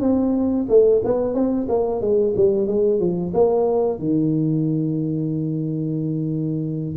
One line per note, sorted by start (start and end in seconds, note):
0.00 0.66 C4
0.69 1.02 A3
1.04 1.34 B3
1.34 1.67 C4
1.68 2.00 A#3
2.00 2.33 G#3
2.36 2.67 G3
2.67 2.99 G#3
2.99 3.32 F3
3.34 3.99 A#3
3.99 6.95 D#3